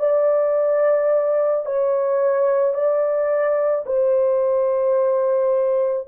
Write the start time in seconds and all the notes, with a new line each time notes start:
0.00 D5
1.66 C#5
2.74 D5
3.87 C5